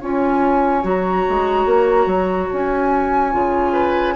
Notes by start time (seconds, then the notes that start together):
0.00 C#4 F4 C#5 G#5
0.82 F#3 F#4 A#5
1.28 G#3
1.65 A#3
2.06 F#3
2.52 C#4 G#5
3.31 C#3 F4
3.72 B4